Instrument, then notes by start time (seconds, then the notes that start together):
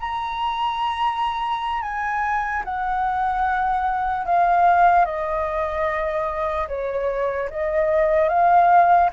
flute
0.00 A#5
1.82 G#5
2.65 F#5
4.26 F5
5.06 D#5
6.68 C#5
7.51 D#5
8.29 F5